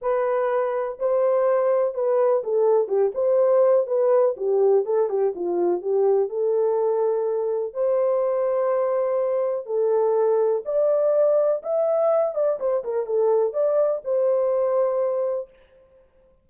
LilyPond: \new Staff \with { instrumentName = "horn" } { \time 4/4 \tempo 4 = 124 b'2 c''2 | b'4 a'4 g'8 c''4. | b'4 g'4 a'8 g'8 f'4 | g'4 a'2. |
c''1 | a'2 d''2 | e''4. d''8 c''8 ais'8 a'4 | d''4 c''2. | }